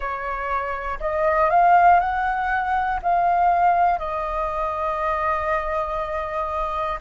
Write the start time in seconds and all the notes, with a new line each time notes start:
0.00 C#5
1.00 D#5
1.50 F5
2.00 F#5
3.02 F5
3.98 D#5